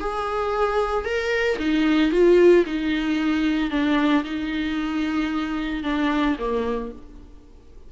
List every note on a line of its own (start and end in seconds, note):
0.00 1.05 G#4
1.05 1.58 A#4
1.59 2.12 D#4
2.12 2.65 F4
2.66 3.71 D#4
3.71 4.24 D4
4.24 5.83 D#4
5.83 6.36 D4
6.39 6.92 A#3